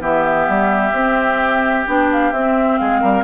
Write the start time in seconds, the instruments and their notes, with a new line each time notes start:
0.00 bassoon E3, clarinet B3, oboe G4, flute E5
0.49 bassoon G3
0.93 bassoon C4, clarinet C4
1.87 bassoon B3, clarinet D4, flute G5
2.13 flute F5
2.32 bassoon C4, clarinet C4, flute E5
2.78 bassoon G#3, oboe G#4, flute F5
3.01 bassoon G3, oboe A#4